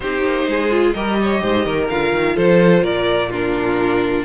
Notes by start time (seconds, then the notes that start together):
0.00 C4 D#4 G4 C5
0.23 A#3
0.46 G#3 G#4
0.70 F4
0.93 G3 G4 A#4 D#5
1.21 C#5
1.42 G#2 C5
1.65 D#3 A#4
1.89 D3 F4 F5
2.13 D#3
2.35 F3 A4 C5
2.82 A#2 A#4 D5
3.30 D4 F4 A#4